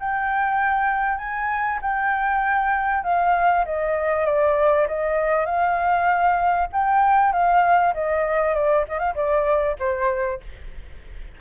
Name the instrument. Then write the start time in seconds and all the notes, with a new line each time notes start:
flute
0.00 G5
1.18 G#5
1.82 G5
3.04 F5
3.65 D#5
4.26 D5
4.88 D#5
5.46 F5
6.73 G5
7.33 F5
7.94 D#5
8.54 D5
8.89 D#5
8.99 F5
9.15 D5
9.80 C5